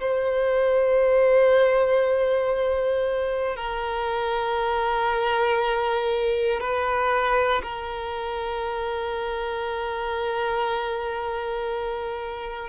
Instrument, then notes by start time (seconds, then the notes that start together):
violin
0.00 C5
3.56 A#4
6.60 B4
7.63 A#4